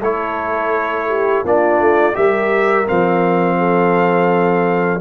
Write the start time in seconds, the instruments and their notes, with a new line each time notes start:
0.00 tuba A3, trombone E4, horn A4, trumpet C#5
1.08 horn G4
1.43 tuba A#3, trombone D4, horn F4, trumpet D5
1.79 tuba A3
2.13 tuba G3, trombone G4, horn A#4, trumpet E5
2.85 tuba F3, trombone C4, trumpet F5
3.57 horn A4